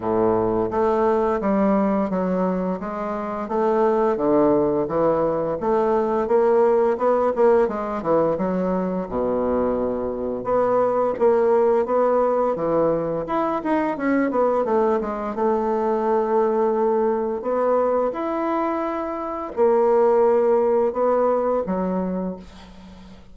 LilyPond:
\new Staff \with { instrumentName = "bassoon" } { \time 4/4 \tempo 4 = 86 a,4 a4 g4 fis4 | gis4 a4 d4 e4 | a4 ais4 b8 ais8 gis8 e8 | fis4 b,2 b4 |
ais4 b4 e4 e'8 dis'8 | cis'8 b8 a8 gis8 a2~ | a4 b4 e'2 | ais2 b4 fis4 | }